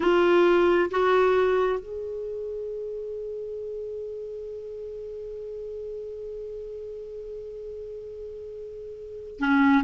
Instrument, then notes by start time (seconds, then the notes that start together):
clarinet
0.00 F4
0.90 F#4
1.79 G#4
9.39 C#4